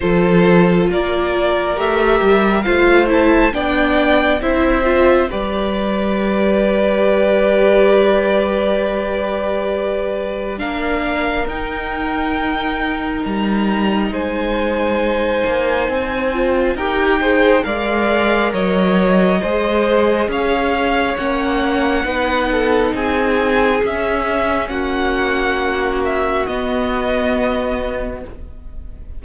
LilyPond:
<<
  \new Staff \with { instrumentName = "violin" } { \time 4/4 \tempo 4 = 68 c''4 d''4 e''4 f''8 a''8 | g''4 e''4 d''2~ | d''1 | f''4 g''2 ais''4 |
gis''2. g''4 | f''4 dis''2 f''4 | fis''2 gis''4 e''4 | fis''4. e''8 dis''2 | }
  \new Staff \with { instrumentName = "violin" } { \time 4/4 a'4 ais'2 c''4 | d''4 c''4 b'2~ | b'1 | ais'1 |
c''2. ais'8 c''8 | d''4 cis''4 c''4 cis''4~ | cis''4 b'8 a'8 gis'2 | fis'1 | }
  \new Staff \with { instrumentName = "viola" } { \time 4/4 f'2 g'4 f'8 e'8 | d'4 e'8 f'8 g'2~ | g'1 | d'4 dis'2.~ |
dis'2~ dis'8 f'8 g'8 gis'8 | ais'2 gis'2 | cis'4 dis'2 cis'4~ | cis'2 b2 | }
  \new Staff \with { instrumentName = "cello" } { \time 4/4 f4 ais4 a8 g8 a4 | b4 c'4 g2~ | g1 | ais4 dis'2 g4 |
gis4. ais8 c'4 dis'4 | gis4 fis4 gis4 cis'4 | ais4 b4 c'4 cis'4 | ais2 b2 | }
>>